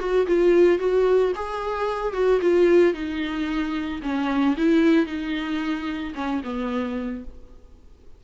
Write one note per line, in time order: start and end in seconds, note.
0.00 0.27 F#4
0.27 0.79 F4
0.79 1.33 F#4
1.36 2.14 G#4
2.14 2.41 F#4
2.42 2.94 F4
2.94 4.01 D#4
4.03 4.57 C#4
4.57 5.07 E4
5.07 6.14 D#4
6.16 6.42 C#4
6.44 7.25 B3